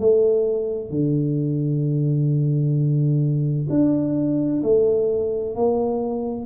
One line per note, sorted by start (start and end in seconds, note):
0.00 0.90 A3
0.90 3.67 D3
3.70 4.62 D4
4.63 5.56 A3
5.56 6.46 A#3